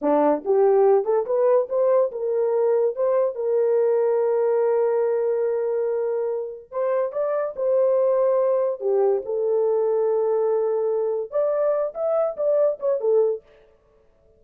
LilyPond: \new Staff \with { instrumentName = "horn" } { \time 4/4 \tempo 4 = 143 d'4 g'4. a'8 b'4 | c''4 ais'2 c''4 | ais'1~ | ais'1 |
c''4 d''4 c''2~ | c''4 g'4 a'2~ | a'2. d''4~ | d''8 e''4 d''4 cis''8 a'4 | }